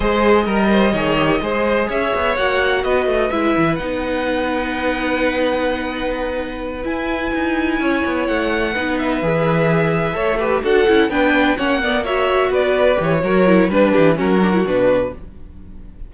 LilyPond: <<
  \new Staff \with { instrumentName = "violin" } { \time 4/4 \tempo 4 = 127 dis''1 | e''4 fis''4 dis''4 e''4 | fis''1~ | fis''2~ fis''8 gis''4.~ |
gis''4. fis''4. e''4~ | e''2~ e''8 fis''4 g''8~ | g''8 fis''4 e''4 d''4 cis''8~ | cis''4 b'4 ais'4 b'4 | }
  \new Staff \with { instrumentName = "violin" } { \time 4/4 c''4 ais'8 c''8 cis''4 c''4 | cis''2 b'2~ | b'1~ | b'1~ |
b'8 cis''2 b'4.~ | b'4. cis''8 b'8 a'4 b'8~ | b'8 cis''8 d''8 cis''4 b'4. | ais'4 b'8 g'8 fis'2 | }
  \new Staff \with { instrumentName = "viola" } { \time 4/4 gis'4 ais'4 gis'8 g'8 gis'4~ | gis'4 fis'2 e'4 | dis'1~ | dis'2~ dis'8 e'4.~ |
e'2~ e'8 dis'4 gis'8~ | gis'4. a'8 g'8 fis'8 e'8 d'8~ | d'8 cis'8 b8 fis'2 g'8 | fis'8 e'8 d'4 cis'8 d'16 e'16 d'4 | }
  \new Staff \with { instrumentName = "cello" } { \time 4/4 gis4 g4 dis4 gis4 | cis'8 b8 ais4 b8 a8 gis8 e8 | b1~ | b2~ b8 e'4 dis'8~ |
dis'8 cis'8 b8 a4 b4 e8~ | e4. a4 d'8 cis'8 b8~ | b8 ais2 b4 e8 | fis4 g8 e8 fis4 b,4 | }
>>